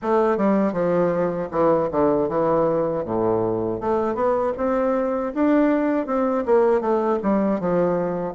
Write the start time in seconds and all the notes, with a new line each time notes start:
0.02 A3
0.37 G3
0.72 F3
1.51 E3
1.91 D3
2.29 E3
3.04 A2
3.80 A3
4.14 B3
4.57 C4
5.34 D4
6.06 C4
6.45 A#3
6.80 A3
7.23 G3
7.59 F3